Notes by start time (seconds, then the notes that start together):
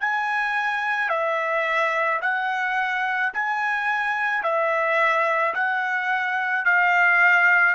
0.00 G#5
1.09 E5
2.21 F#5
3.33 G#5
4.43 E5
5.54 F#5
6.65 F5